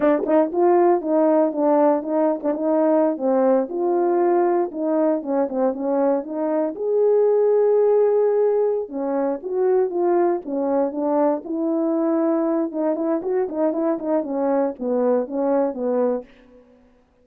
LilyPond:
\new Staff \with { instrumentName = "horn" } { \time 4/4 \tempo 4 = 118 d'8 dis'8 f'4 dis'4 d'4 | dis'8. d'16 dis'4~ dis'16 c'4 f'8.~ | f'4~ f'16 dis'4 cis'8 c'8 cis'8.~ | cis'16 dis'4 gis'2~ gis'8.~ |
gis'4. cis'4 fis'4 f'8~ | f'8 cis'4 d'4 e'4.~ | e'4 dis'8 e'8 fis'8 dis'8 e'8 dis'8 | cis'4 b4 cis'4 b4 | }